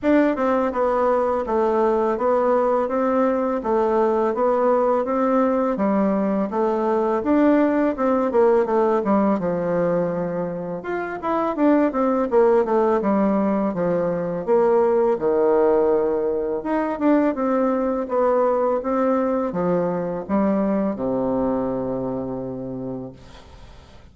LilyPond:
\new Staff \with { instrumentName = "bassoon" } { \time 4/4 \tempo 4 = 83 d'8 c'8 b4 a4 b4 | c'4 a4 b4 c'4 | g4 a4 d'4 c'8 ais8 | a8 g8 f2 f'8 e'8 |
d'8 c'8 ais8 a8 g4 f4 | ais4 dis2 dis'8 d'8 | c'4 b4 c'4 f4 | g4 c2. | }